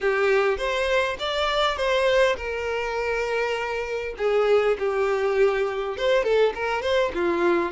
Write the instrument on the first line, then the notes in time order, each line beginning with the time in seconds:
violin
0.01 G4
0.57 C5
1.19 D5
1.76 C5
2.36 A#4
4.17 G#4
4.78 G4
5.97 C5
6.23 A4
6.54 A#4
6.82 C5
7.14 F4